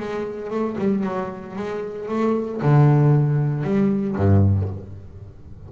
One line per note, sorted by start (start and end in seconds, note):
0.00 0.51 G#3
0.51 0.77 A3
0.78 1.04 G3
1.04 1.56 F#3
1.56 2.08 G#3
2.09 2.61 A3
2.62 3.64 D3
3.64 4.16 G3
4.17 4.69 G2